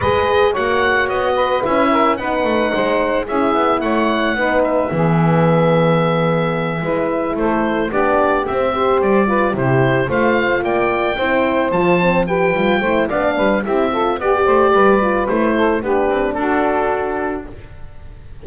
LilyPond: <<
  \new Staff \with { instrumentName = "oboe" } { \time 4/4 \tempo 4 = 110 dis''4 fis''4 dis''4 e''4 | fis''2 e''4 fis''4~ | fis''8 e''2.~ e''8~ | e''4. c''4 d''4 e''8~ |
e''8 d''4 c''4 f''4 g''8~ | g''4. a''4 g''4. | f''4 e''4 d''2 | c''4 b'4 a'2 | }
  \new Staff \with { instrumentName = "saxophone" } { \time 4/4 b'4 cis''4. b'4 ais'8 | b'4 c''4 gis'4 cis''4 | b'4 gis'2.~ | gis'8 b'4 a'4 g'4. |
c''4 b'8 g'4 c''4 d''8~ | d''8 c''2 b'4 c''8 | d''8 b'8 g'8 a'8 g'8 c''8 b'4~ | b'8 a'8 g'4 fis'2 | }
  \new Staff \with { instrumentName = "horn" } { \time 4/4 gis'4 fis'2 e'4 | dis'2 e'2 | dis'4 b2.~ | b8 e'2 d'4 c'8 |
g'4 f'8 e'4 f'4.~ | f'8 e'4 f'8 c'8 g'8 f'8 e'8 | d'4 e'8 f'8 g'4. f'8 | e'4 d'2. | }
  \new Staff \with { instrumentName = "double bass" } { \time 4/4 gis4 ais4 b4 cis'4 | b8 a8 gis4 cis'8 b8 a4 | b4 e2.~ | e8 gis4 a4 b4 c'8~ |
c'8 g4 c4 a4 ais8~ | ais8 c'4 f4. g8 a8 | b8 g8 c'4 b8 a8 g4 | a4 b8 c'8 d'2 | }
>>